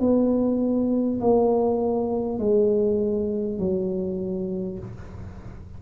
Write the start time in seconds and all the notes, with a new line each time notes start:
0.00 B3
1.21 A#3
2.39 G#3
3.59 F#3